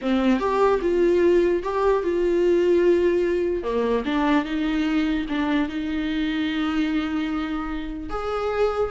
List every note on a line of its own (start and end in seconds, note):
0.01 0.39 C4
0.39 0.80 G4
0.81 1.62 F4
1.63 2.03 G4
2.03 3.63 F4
3.63 4.03 A#3
4.05 4.45 D4
4.45 5.26 D#4
5.28 5.69 D4
5.69 8.09 D#4
8.09 8.90 G#4